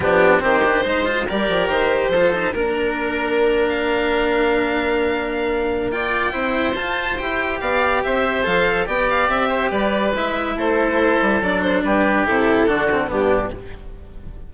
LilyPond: <<
  \new Staff \with { instrumentName = "violin" } { \time 4/4 \tempo 4 = 142 g'4 c''2 d''4 | c''2 ais'2~ | ais'8. f''2.~ f''16~ | f''2 g''2 |
a''4 g''4 f''4 e''4 | f''4 g''8 f''8 e''4 d''4 | e''4 c''2 d''8 c''8 | b'4 a'2 g'4 | }
  \new Staff \with { instrumentName = "oboe" } { \time 4/4 d'4 g'4 c''4 ais'4~ | ais'4 a'4 ais'2~ | ais'1~ | ais'2 d''4 c''4~ |
c''2 d''4 c''4~ | c''4 d''4. c''8 b'4~ | b'4 a'2. | g'2 fis'4 d'4 | }
  \new Staff \with { instrumentName = "cello" } { \time 4/4 b4 c'8 d'8 dis'8 f'8 g'4~ | g'4 f'8 dis'8 d'2~ | d'1~ | d'2 f'4 e'4 |
f'4 g'2. | a'4 g'2. | e'2. d'4~ | d'4 e'4 d'8 c'8 b4 | }
  \new Staff \with { instrumentName = "bassoon" } { \time 4/4 f4 dis4 gis4 g8 f8 | dis4 f4 ais2~ | ais1~ | ais2. c'4 |
f'4 e'4 b4 c'4 | f4 b4 c'4 g4 | gis4 a4. g8 fis4 | g4 c4 d4 g,4 | }
>>